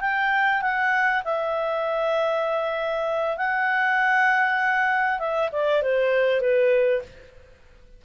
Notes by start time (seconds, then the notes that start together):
0.00 G5
0.61 F#5
1.24 E5
3.37 F#5
5.19 E5
5.52 D5
5.82 C5
6.41 B4